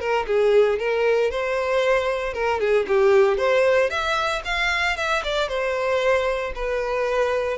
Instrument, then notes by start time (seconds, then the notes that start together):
violin
0.00 A#4
0.27 G#4
0.79 A#4
1.31 C5
2.34 A#4
2.60 G#4
2.88 G4
3.38 C5
3.90 E5
4.45 F5
4.97 E5
5.24 D5
5.49 C5
6.55 B4